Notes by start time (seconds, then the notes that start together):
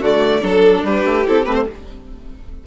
0.00 D3 A3 F#4 D5
0.41 F#3 D4 A4
0.83 G3 G4 B4
1.05 A3
1.26 C4 E4 A4
1.45 A3 C4 B4
1.54 C5